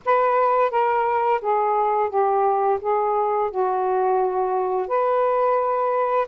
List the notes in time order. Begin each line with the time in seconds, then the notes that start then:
0.05 B4
0.70 A#4
1.41 G#4
2.09 G4
2.81 G#4
3.50 F#4
4.87 B4